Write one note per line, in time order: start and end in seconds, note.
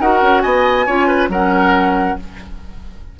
0.00 0.22 D#4
0.00 0.87 F#4
0.00 0.43 A#4
0.00 0.42 F#5
0.22 0.43 C#4
0.42 0.87 B3
0.42 0.86 D#5
0.42 1.29 G#5
0.86 1.29 C#4
0.86 1.31 F4
0.86 1.08 C#5
1.08 1.29 B4
1.29 2.16 F#3
1.29 2.20 C#4
1.29 2.18 A#4
1.29 2.19 F#5